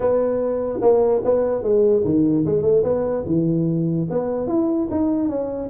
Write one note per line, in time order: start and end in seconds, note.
0.00 0.79 B3
0.81 1.22 A#3
1.24 1.62 B3
1.62 2.03 G#3
2.04 2.45 D#3
2.45 2.62 G#3
2.62 2.83 A3
2.83 3.24 B3
3.26 4.07 E3
4.09 4.47 B3
4.47 4.88 E4
4.91 5.28 D#4
5.28 5.69 C#4